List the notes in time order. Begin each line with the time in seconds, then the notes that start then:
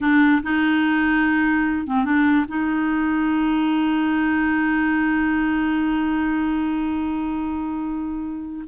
0.01 D4
0.42 D#4
1.87 C4
2.04 D4
2.48 D#4